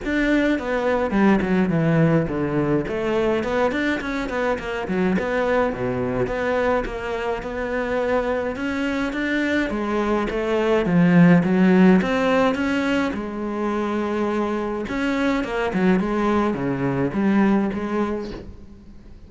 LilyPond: \new Staff \with { instrumentName = "cello" } { \time 4/4 \tempo 4 = 105 d'4 b4 g8 fis8 e4 | d4 a4 b8 d'8 cis'8 b8 | ais8 fis8 b4 b,4 b4 | ais4 b2 cis'4 |
d'4 gis4 a4 f4 | fis4 c'4 cis'4 gis4~ | gis2 cis'4 ais8 fis8 | gis4 cis4 g4 gis4 | }